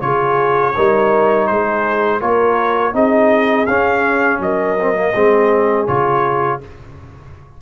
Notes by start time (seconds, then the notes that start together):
0.00 C#3 F4 G#4 C#5
0.75 G3 D#4 A#4
1.47 G#3 G#4 C5
2.20 A#3 F4 A#4 C#5
2.93 C4 D#4 G#4 D#5
3.66 C#4 F5
4.39 F#3 A#4 D#5
4.81 C4
4.95 A#3
5.14 G#3 C4 G#4
5.87 C#3 F4 C#5